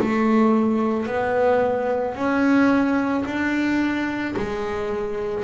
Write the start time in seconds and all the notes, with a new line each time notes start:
0.00 A3
1.07 B3
2.16 C#4
3.26 D4
4.37 G#3